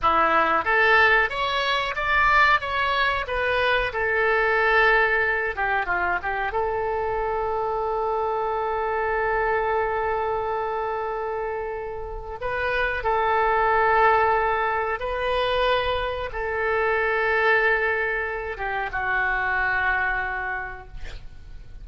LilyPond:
\new Staff \with { instrumentName = "oboe" } { \time 4/4 \tempo 4 = 92 e'4 a'4 cis''4 d''4 | cis''4 b'4 a'2~ | a'8 g'8 f'8 g'8 a'2~ | a'1~ |
a'2. b'4 | a'2. b'4~ | b'4 a'2.~ | a'8 g'8 fis'2. | }